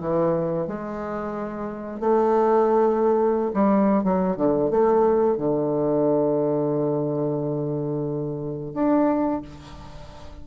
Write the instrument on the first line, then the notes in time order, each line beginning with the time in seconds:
bassoon
0.00 E3
0.67 G#3
2.00 A3
3.54 G3
4.04 F#3
4.37 D3
4.70 A3
5.37 D3
8.74 D4